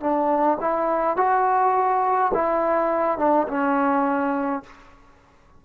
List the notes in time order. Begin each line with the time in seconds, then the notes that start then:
0.00 D4
0.60 E4
1.16 F#4
2.33 E4
3.18 D4
3.48 C#4